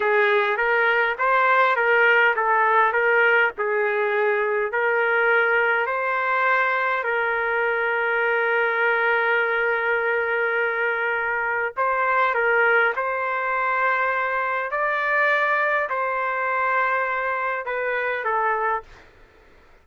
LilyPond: \new Staff \with { instrumentName = "trumpet" } { \time 4/4 \tempo 4 = 102 gis'4 ais'4 c''4 ais'4 | a'4 ais'4 gis'2 | ais'2 c''2 | ais'1~ |
ais'1 | c''4 ais'4 c''2~ | c''4 d''2 c''4~ | c''2 b'4 a'4 | }